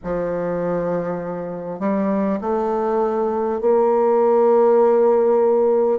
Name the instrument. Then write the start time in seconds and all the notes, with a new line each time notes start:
bassoon
0.03 F3
1.79 G3
2.40 A3
3.60 A#3